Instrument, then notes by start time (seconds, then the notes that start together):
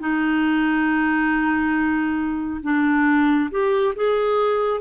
clarinet
0.00 D#4
2.63 D4
3.51 G4
3.96 G#4